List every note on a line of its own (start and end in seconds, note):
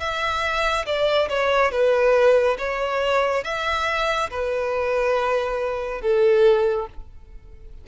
0.00 0.86 E5
0.86 1.29 D5
1.29 1.72 C#5
1.72 2.58 B4
2.58 3.44 C#5
3.44 4.30 E5
4.30 6.02 B4
6.02 6.87 A4